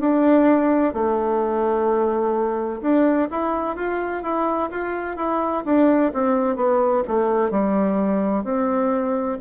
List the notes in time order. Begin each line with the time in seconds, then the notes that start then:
0.00 D4
0.93 A3
2.81 D4
3.31 E4
3.76 F4
4.23 E4
4.70 F4
5.16 E4
5.65 D4
6.13 C4
6.56 B3
7.07 A3
7.51 G3
8.44 C4